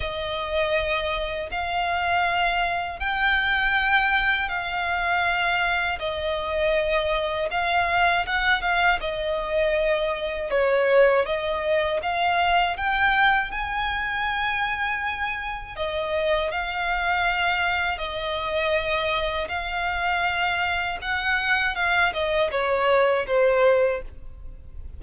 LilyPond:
\new Staff \with { instrumentName = "violin" } { \time 4/4 \tempo 4 = 80 dis''2 f''2 | g''2 f''2 | dis''2 f''4 fis''8 f''8 | dis''2 cis''4 dis''4 |
f''4 g''4 gis''2~ | gis''4 dis''4 f''2 | dis''2 f''2 | fis''4 f''8 dis''8 cis''4 c''4 | }